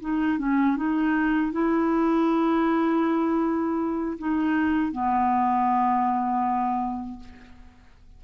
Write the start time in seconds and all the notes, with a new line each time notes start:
0.00 D#4
0.38 C#4
0.76 D#4
1.52 E4
4.18 D#4
4.92 B3